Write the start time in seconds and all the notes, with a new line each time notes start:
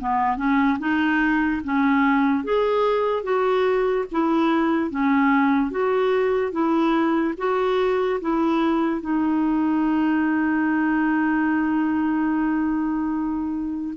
0.00 B3
0.37 C#4
0.80 D#4
1.64 C#4
2.44 G#4
3.24 F#4
4.12 E4
4.91 C#4
5.71 F#4
6.52 E4
7.38 F#4
8.21 E4
9.01 D#4